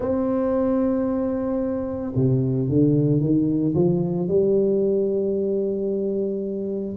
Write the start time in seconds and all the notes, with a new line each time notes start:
0.00 C4
2.15 C3
2.68 D3
3.20 D#3
3.75 F3
4.28 G3